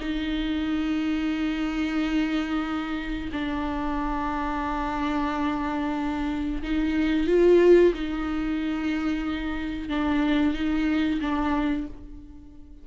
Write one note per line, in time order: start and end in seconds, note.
0.00 3.30 D#4
3.32 6.62 D4
6.62 7.27 D#4
7.27 7.93 F4
7.93 9.89 D#4
9.89 10.54 D4
10.54 11.20 D#4
11.21 11.87 D4